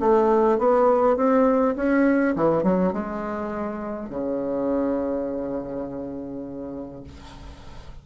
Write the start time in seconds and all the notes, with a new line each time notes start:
0.00 A3
0.58 B3
1.17 C4
1.76 C#4
2.36 E3
2.63 F#3
2.93 G#3
4.10 C#3